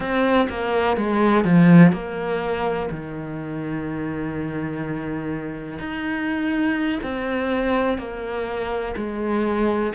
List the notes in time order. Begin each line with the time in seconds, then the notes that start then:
0.00 C4
0.49 A#3
0.96 G#3
1.44 F3
1.92 A#3
2.90 D#3
5.78 D#4
7.02 C4
7.98 A#3
8.96 G#3